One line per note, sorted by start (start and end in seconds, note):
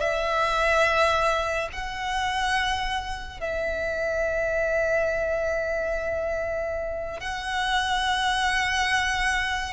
0.00 1.69 E5
1.73 3.40 F#5
3.40 7.20 E5
7.20 9.73 F#5